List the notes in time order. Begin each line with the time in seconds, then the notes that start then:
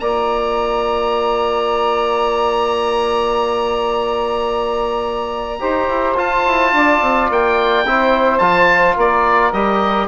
0.00 A#3 F4 D5 A#5
5.60 D#4 G4 C5
5.88 E4
6.15 F4 A5
6.47 E4
6.73 D4 D5
7.01 C4
7.30 A#3 G5
7.85 C4 E4 C5
8.38 F3 F4 A5
8.95 A#3 A#4 D5
9.53 G3 G4 D#5